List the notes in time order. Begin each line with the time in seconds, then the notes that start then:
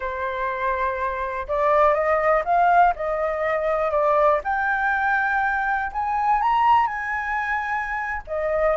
0.00 C5
1.48 D5
1.94 D#5
2.45 F5
2.95 D#5
3.91 D5
4.44 G5
5.92 G#5
6.41 A#5
6.86 G#5
8.27 D#5